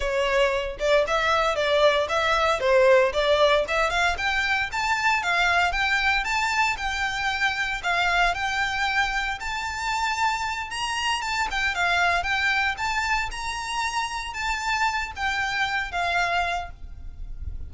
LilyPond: \new Staff \with { instrumentName = "violin" } { \time 4/4 \tempo 4 = 115 cis''4. d''8 e''4 d''4 | e''4 c''4 d''4 e''8 f''8 | g''4 a''4 f''4 g''4 | a''4 g''2 f''4 |
g''2 a''2~ | a''8 ais''4 a''8 g''8 f''4 g''8~ | g''8 a''4 ais''2 a''8~ | a''4 g''4. f''4. | }